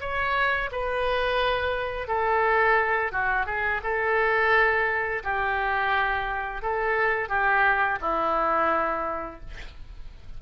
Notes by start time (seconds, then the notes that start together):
0.00 C#5
0.71 B4
2.07 A4
3.12 F#4
3.46 G#4
3.83 A4
5.23 G4
6.62 A4
7.28 G4
8.01 E4